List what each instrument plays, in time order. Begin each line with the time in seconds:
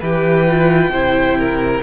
0.00 cello E3, viola G4, violin B4 G5
0.48 viola F4
0.89 cello C3, viola E4, violin C5
1.39 violin A#4